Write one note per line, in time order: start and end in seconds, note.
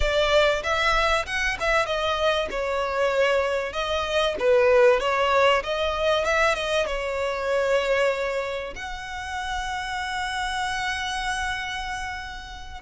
0.00 0.62 D5
0.62 1.25 E5
1.26 1.57 F#5
1.59 1.86 E5
1.86 2.48 D#5
2.50 3.72 C#5
3.72 4.35 D#5
4.39 5.00 B4
5.00 5.62 C#5
5.63 6.24 D#5
6.24 6.55 E5
6.55 6.86 D#5
6.86 8.74 C#5
8.75 12.81 F#5